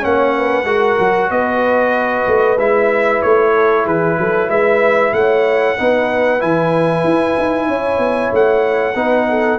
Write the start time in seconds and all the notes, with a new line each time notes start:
0.00 A#3 C#4 C#5 F#5
0.36 B4
0.64 G#3 F#4 A#4
0.98 F#3
1.30 B3 B4 D#5
2.27 A3
2.57 G#3 E4 E5
3.22 A3 C#5
3.54 A4
3.84 E3 G#4 B4
4.18 F#3 A4
4.48 G#3 B4 E5
5.12 A3 C#5 F#5
5.77 B3 D#4 B4
6.39 E3 E4 G#5
7.03 E4
7.38 D#4
7.67 C#4 C#5
7.98 B3
8.32 A3 F#5
8.95 B3 D#4 B4
9.29 A4